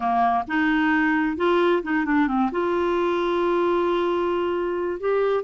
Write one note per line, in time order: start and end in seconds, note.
0.00 0.44 A#3
0.47 1.36 D#4
1.36 1.82 F4
1.82 2.05 D#4
2.05 2.27 D4
2.27 2.50 C4
2.51 5.00 F4
5.00 5.43 G4